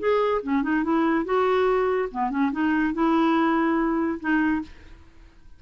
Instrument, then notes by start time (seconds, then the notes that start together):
clarinet
0.00 G#4
0.43 C#4
0.63 D#4
0.84 E4
1.25 F#4
2.12 B3
2.31 C#4
2.52 D#4
2.94 E4
4.21 D#4